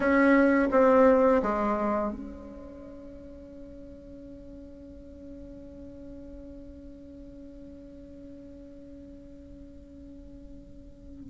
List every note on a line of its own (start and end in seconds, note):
0.00 0.68 C#4
0.71 1.41 C4
1.42 2.12 G#3
2.12 11.29 C#4